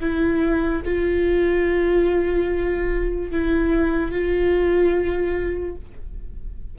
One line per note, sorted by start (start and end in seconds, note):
0.00 0.82 E4
0.85 3.31 F4
3.31 4.11 E4
4.11 5.75 F4